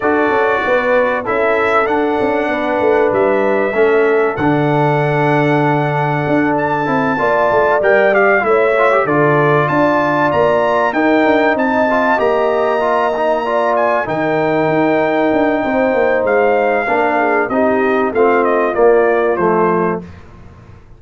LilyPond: <<
  \new Staff \with { instrumentName = "trumpet" } { \time 4/4 \tempo 4 = 96 d''2 e''4 fis''4~ | fis''4 e''2 fis''4~ | fis''2~ fis''8 a''4.~ | a''8 g''8 f''8 e''4 d''4 a''8~ |
a''8 ais''4 g''4 a''4 ais''8~ | ais''2 gis''8 g''4.~ | g''2 f''2 | dis''4 f''8 dis''8 d''4 c''4 | }
  \new Staff \with { instrumentName = "horn" } { \time 4/4 a'4 b'4 a'2 | b'2 a'2~ | a'2.~ a'8 d''8~ | d''4. cis''4 a'4 d''8~ |
d''4. ais'4 dis''4.~ | dis''4. d''4 ais'4.~ | ais'4 c''2 ais'8 gis'8 | g'4 f'2. | }
  \new Staff \with { instrumentName = "trombone" } { \time 4/4 fis'2 e'4 d'4~ | d'2 cis'4 d'4~ | d'2. e'8 f'8~ | f'8 ais'8 g'8 e'8 f'16 g'16 f'4.~ |
f'4. dis'4. f'8 g'8~ | g'8 f'8 dis'8 f'4 dis'4.~ | dis'2. d'4 | dis'4 c'4 ais4 a4 | }
  \new Staff \with { instrumentName = "tuba" } { \time 4/4 d'8 cis'8 b4 cis'4 d'8 cis'8 | b8 a8 g4 a4 d4~ | d2 d'4 c'8 ais8 | a8 g4 a4 d4 d'8~ |
d'8 ais4 dis'8 d'8 c'4 ais8~ | ais2~ ais8 dis4 dis'8~ | dis'8 d'8 c'8 ais8 gis4 ais4 | c'4 a4 ais4 f4 | }
>>